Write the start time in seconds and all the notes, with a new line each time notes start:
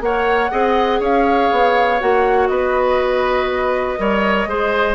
0.00 A#3 A#4 C#5 F#5
0.51 C4 G#4 D#5
1.00 C#4 C#5 F5
1.51 B3
2.00 A#3 F#4 F#5
2.47 B3 B4 D#5
3.97 G3 A#4 C#5
4.46 G#3 G#4 C5